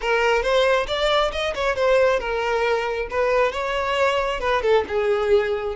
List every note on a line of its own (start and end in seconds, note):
0.01 0.42 A#4
0.42 0.86 C5
0.87 1.31 D5
1.32 1.54 D#5
1.54 1.75 C#5
1.75 2.19 C5
2.19 3.08 A#4
3.10 3.52 B4
3.52 4.40 C#5
4.40 4.62 B4
4.62 4.84 A4
4.87 5.75 G#4